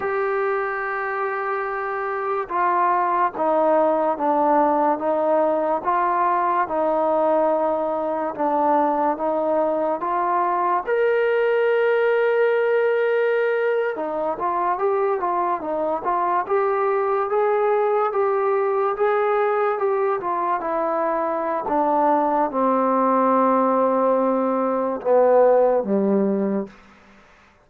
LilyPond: \new Staff \with { instrumentName = "trombone" } { \time 4/4 \tempo 4 = 72 g'2. f'4 | dis'4 d'4 dis'4 f'4 | dis'2 d'4 dis'4 | f'4 ais'2.~ |
ais'8. dis'8 f'8 g'8 f'8 dis'8 f'8 g'16~ | g'8. gis'4 g'4 gis'4 g'16~ | g'16 f'8 e'4~ e'16 d'4 c'4~ | c'2 b4 g4 | }